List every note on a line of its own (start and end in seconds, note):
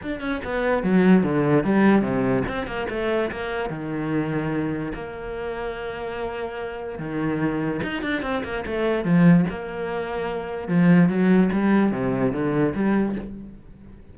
0.02 0.20 D4
0.20 0.41 C#4
0.44 0.83 B3
0.83 1.23 F#3
1.23 1.64 D3
1.64 2.02 G3
2.02 2.43 C3
2.48 2.66 C4
2.66 2.87 A#3
2.89 3.30 A3
3.31 3.69 A#3
3.69 4.93 D#3
4.94 6.98 A#3
6.98 7.81 D#3
7.83 8.02 D#4
8.02 8.22 D4
8.22 8.42 C4
8.44 8.64 A#3
8.66 9.04 A3
9.04 9.45 F3
9.49 10.68 A#3
10.68 11.08 F3
11.08 11.49 F#3
11.52 11.91 G3
11.91 12.32 C3
12.32 12.73 D3
12.74 13.15 G3